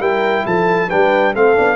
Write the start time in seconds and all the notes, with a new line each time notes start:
0.00 G3 E4 A#4 G5
0.46 F3 A4 A5
0.90 G3 D4 B4 G5
1.34 A3 C4 A4 F5
1.56 B3 D4